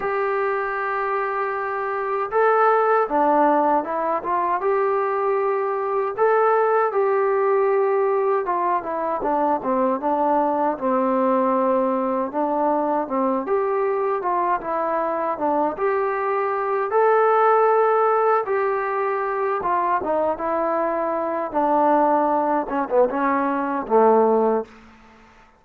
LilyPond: \new Staff \with { instrumentName = "trombone" } { \time 4/4 \tempo 4 = 78 g'2. a'4 | d'4 e'8 f'8 g'2 | a'4 g'2 f'8 e'8 | d'8 c'8 d'4 c'2 |
d'4 c'8 g'4 f'8 e'4 | d'8 g'4. a'2 | g'4. f'8 dis'8 e'4. | d'4. cis'16 b16 cis'4 a4 | }